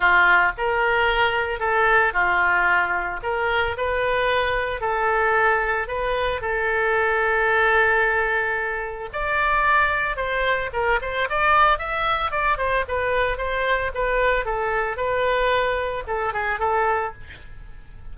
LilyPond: \new Staff \with { instrumentName = "oboe" } { \time 4/4 \tempo 4 = 112 f'4 ais'2 a'4 | f'2 ais'4 b'4~ | b'4 a'2 b'4 | a'1~ |
a'4 d''2 c''4 | ais'8 c''8 d''4 e''4 d''8 c''8 | b'4 c''4 b'4 a'4 | b'2 a'8 gis'8 a'4 | }